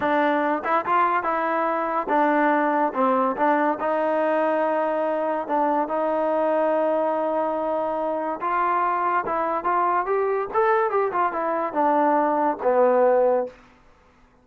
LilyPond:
\new Staff \with { instrumentName = "trombone" } { \time 4/4 \tempo 4 = 143 d'4. e'8 f'4 e'4~ | e'4 d'2 c'4 | d'4 dis'2.~ | dis'4 d'4 dis'2~ |
dis'1 | f'2 e'4 f'4 | g'4 a'4 g'8 f'8 e'4 | d'2 b2 | }